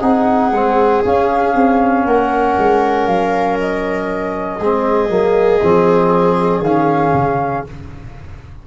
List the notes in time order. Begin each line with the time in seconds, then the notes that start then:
0.00 C4 D#4 G#4 F#5
0.51 G#3 C4
1.04 C#4 F5
1.54 C4
2.05 A#3 A#4 F#5
2.57 G#3
3.06 F#3 F5
3.59 D#5
4.58 G#3 C4 G#4
5.08 F#3 A#3
5.62 F3 C4
6.60 D#3 C#4 F5
7.13 C#3